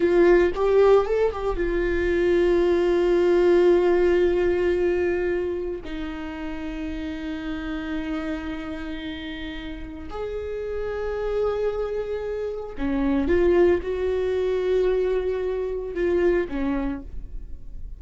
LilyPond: \new Staff \with { instrumentName = "viola" } { \time 4/4 \tempo 4 = 113 f'4 g'4 a'8 g'8 f'4~ | f'1~ | f'2. dis'4~ | dis'1~ |
dis'2. gis'4~ | gis'1 | cis'4 f'4 fis'2~ | fis'2 f'4 cis'4 | }